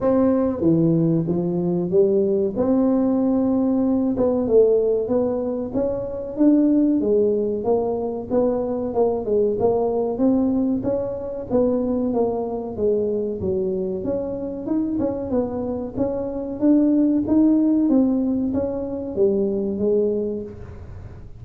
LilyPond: \new Staff \with { instrumentName = "tuba" } { \time 4/4 \tempo 4 = 94 c'4 e4 f4 g4 | c'2~ c'8 b8 a4 | b4 cis'4 d'4 gis4 | ais4 b4 ais8 gis8 ais4 |
c'4 cis'4 b4 ais4 | gis4 fis4 cis'4 dis'8 cis'8 | b4 cis'4 d'4 dis'4 | c'4 cis'4 g4 gis4 | }